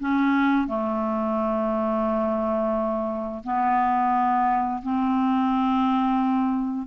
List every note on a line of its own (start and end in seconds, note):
0.00 0.68 C#4
0.68 3.44 A3
3.44 4.82 B3
4.82 6.87 C4